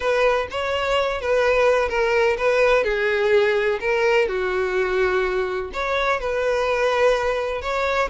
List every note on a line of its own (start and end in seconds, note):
0.00 0.47 B4
0.51 1.21 C#5
1.21 1.89 B4
1.89 2.36 A#4
2.37 2.84 B4
2.84 3.79 G#4
3.80 4.28 A#4
4.28 5.71 F#4
5.73 6.19 C#5
6.19 7.61 B4
7.61 8.09 C#5